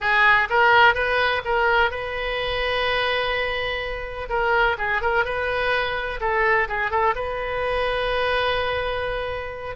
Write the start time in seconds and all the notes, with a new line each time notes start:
0.00 G#4
0.49 A#4
0.94 B4
1.45 A#4
1.90 B4
4.29 A#4
4.77 G#4
5.01 A#4
5.24 B4
6.20 A4
6.68 G#4
6.90 A4
7.15 B4